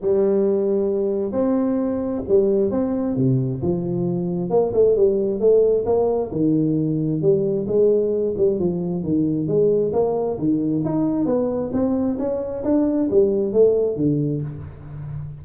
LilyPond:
\new Staff \with { instrumentName = "tuba" } { \time 4/4 \tempo 4 = 133 g2. c'4~ | c'4 g4 c'4 c4 | f2 ais8 a8 g4 | a4 ais4 dis2 |
g4 gis4. g8 f4 | dis4 gis4 ais4 dis4 | dis'4 b4 c'4 cis'4 | d'4 g4 a4 d4 | }